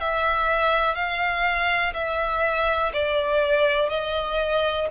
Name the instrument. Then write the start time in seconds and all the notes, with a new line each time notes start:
violin
0.00 E5
0.95 F5
1.94 E5
2.93 D5
3.89 D#5